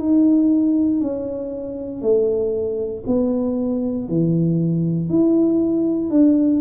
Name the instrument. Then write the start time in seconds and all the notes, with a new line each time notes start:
tuba
0.00 D#4
1.02 C#4
2.02 A3
3.07 B3
4.09 E3
5.10 E4
6.11 D4